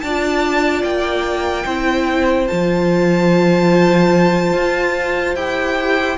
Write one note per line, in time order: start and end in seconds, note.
0.00 0.83 D4
0.00 1.66 D5
0.00 0.82 A5
0.06 1.67 F4
0.83 1.65 A#3
0.83 2.47 G5
1.66 2.48 C4
1.66 2.49 E4
1.66 6.17 C5
2.47 4.53 F3
2.47 5.36 F4
2.47 5.35 A5
4.53 5.35 F4
5.35 6.17 E4
5.35 6.17 G4
5.35 6.17 G5